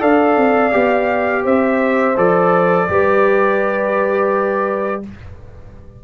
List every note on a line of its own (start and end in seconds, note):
0.00 0.37 D4
0.00 0.71 A4
0.00 1.43 D5
0.00 1.45 F5
0.37 0.72 C4
0.72 1.46 B3
0.72 2.15 G4
1.43 2.17 C4
1.43 2.86 C5
1.43 2.17 E5
2.17 2.89 F3
2.17 2.88 A4
2.17 5.03 D5
2.88 5.03 G3
2.88 5.03 G4
2.88 5.04 B4